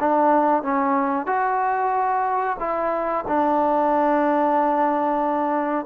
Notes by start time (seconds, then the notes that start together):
0.00 D4
0.63 C#4
1.26 F#4
2.60 E4
3.28 D4